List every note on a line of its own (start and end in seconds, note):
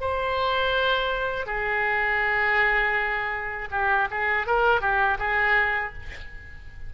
0.00 1.46 C5
1.46 3.68 G#4
3.71 4.08 G4
4.10 4.46 G#4
4.46 4.81 A#4
4.81 5.18 G4
5.19 5.93 G#4